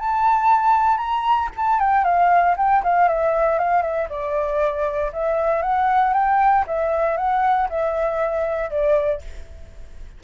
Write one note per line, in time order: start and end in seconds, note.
0.00 0.98 A5
0.98 1.49 A#5
1.57 1.80 A5
1.80 2.05 G5
2.05 2.56 F5
2.58 2.83 G5
2.84 3.09 F5
3.09 3.59 E5
3.59 3.83 F5
3.83 4.08 E5
4.10 5.12 D5
5.13 5.62 E5
5.62 6.14 F#5
6.14 6.65 G5
6.68 7.17 E5
7.17 7.69 F#5
7.70 8.71 E5
8.71 9.22 D5